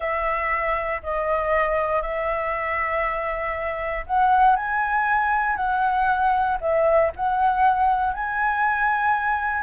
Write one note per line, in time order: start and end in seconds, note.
0.00 1.01 E5
1.03 2.02 D#5
2.02 4.05 E5
4.06 4.55 F#5
4.55 5.56 G#5
5.56 6.58 F#5
6.60 7.11 E5
7.16 8.13 F#5
8.13 9.62 G#5